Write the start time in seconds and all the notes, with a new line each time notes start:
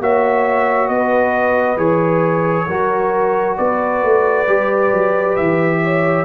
0.00 A#3 F#4 C#5 E5
0.88 B3 B4 D#5
1.76 E3 G#4 C#5
2.67 F#3 F#4 A#4
3.57 B3 B4 D5
4.03 A3
4.47 G3 G4
4.93 F#3
5.36 E3 E5
5.83 C#5